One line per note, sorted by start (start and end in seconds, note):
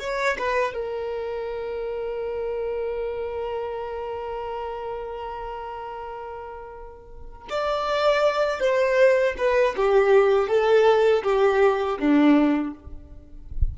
0.00 0.38 C#5
0.39 0.74 B4
0.74 7.49 A#4
7.50 8.60 D5
8.60 9.35 C5
9.38 9.75 B4
9.77 10.48 G4
10.48 11.23 A4
11.24 11.99 G4
12.00 12.75 D4